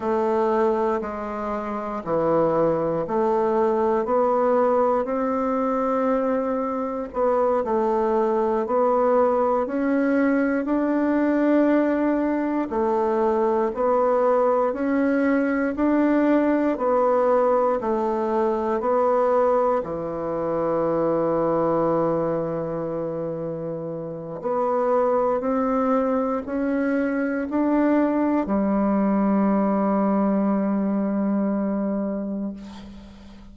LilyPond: \new Staff \with { instrumentName = "bassoon" } { \time 4/4 \tempo 4 = 59 a4 gis4 e4 a4 | b4 c'2 b8 a8~ | a8 b4 cis'4 d'4.~ | d'8 a4 b4 cis'4 d'8~ |
d'8 b4 a4 b4 e8~ | e1 | b4 c'4 cis'4 d'4 | g1 | }